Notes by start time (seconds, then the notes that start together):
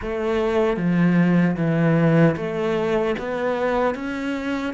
0.01 A3
0.76 F3
1.56 E3
2.36 A3
3.19 B3
3.94 C#4